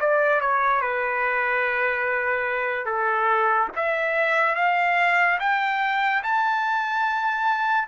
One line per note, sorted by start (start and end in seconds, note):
0.00 0.41 D5
0.41 0.81 C#5
0.81 2.86 B4
2.86 3.69 A4
3.76 4.55 E5
4.55 5.39 F5
5.39 6.23 G5
6.23 7.88 A5